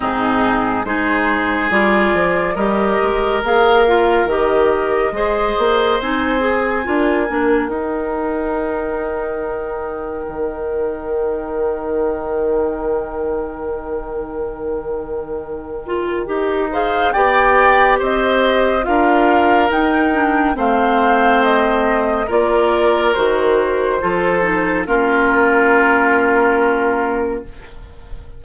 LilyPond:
<<
  \new Staff \with { instrumentName = "flute" } { \time 4/4 \tempo 4 = 70 gis'4 c''4 d''4 dis''4 | f''4 dis''2 gis''4~ | gis''4 g''2.~ | g''1~ |
g''2.~ g''8 f''8 | g''4 dis''4 f''4 g''4 | f''4 dis''4 d''4 c''4~ | c''4 ais'2. | }
  \new Staff \with { instrumentName = "oboe" } { \time 4/4 dis'4 gis'2 ais'4~ | ais'2 c''2 | ais'1~ | ais'1~ |
ais'2.~ ais'8 c''8 | d''4 c''4 ais'2 | c''2 ais'2 | a'4 f'2. | }
  \new Staff \with { instrumentName = "clarinet" } { \time 4/4 c'4 dis'4 f'4 g'4 | gis'8 f'8 g'4 gis'4 dis'8 gis'8 | f'8 d'8 dis'2.~ | dis'1~ |
dis'2~ dis'8 f'8 g'8 gis'8 | g'2 f'4 dis'8 d'8 | c'2 f'4 fis'4 | f'8 dis'8 cis'2. | }
  \new Staff \with { instrumentName = "bassoon" } { \time 4/4 gis,4 gis4 g8 f8 g8 gis8 | ais4 dis4 gis8 ais8 c'4 | d'8 ais8 dis'2. | dis1~ |
dis2. dis'4 | b4 c'4 d'4 dis'4 | a2 ais4 dis4 | f4 ais2. | }
>>